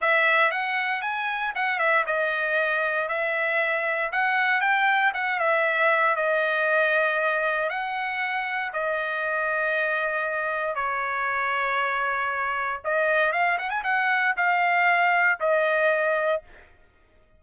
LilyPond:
\new Staff \with { instrumentName = "trumpet" } { \time 4/4 \tempo 4 = 117 e''4 fis''4 gis''4 fis''8 e''8 | dis''2 e''2 | fis''4 g''4 fis''8 e''4. | dis''2. fis''4~ |
fis''4 dis''2.~ | dis''4 cis''2.~ | cis''4 dis''4 f''8 fis''16 gis''16 fis''4 | f''2 dis''2 | }